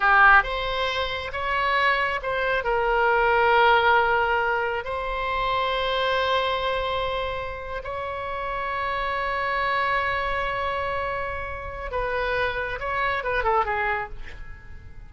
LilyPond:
\new Staff \with { instrumentName = "oboe" } { \time 4/4 \tempo 4 = 136 g'4 c''2 cis''4~ | cis''4 c''4 ais'2~ | ais'2. c''4~ | c''1~ |
c''4.~ c''16 cis''2~ cis''16~ | cis''1~ | cis''2. b'4~ | b'4 cis''4 b'8 a'8 gis'4 | }